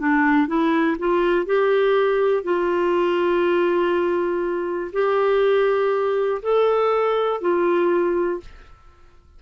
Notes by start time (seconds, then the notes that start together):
0.00 D4
0.48 E4
0.99 F4
1.46 G4
2.44 F4
4.93 G4
6.43 A4
7.41 F4